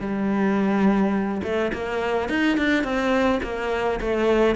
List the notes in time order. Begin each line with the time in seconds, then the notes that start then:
0.00 G3
1.44 A3
1.73 A#3
2.29 D#4
2.58 D4
2.84 C4
3.43 A#3
4.01 A3